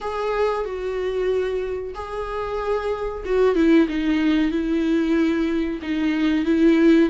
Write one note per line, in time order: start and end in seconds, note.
0.00 0.65 G#4
0.65 1.94 F#4
1.94 3.23 G#4
3.25 3.55 F#4
3.55 3.87 E4
3.88 4.51 D#4
4.51 5.80 E4
5.82 6.45 D#4
6.45 7.09 E4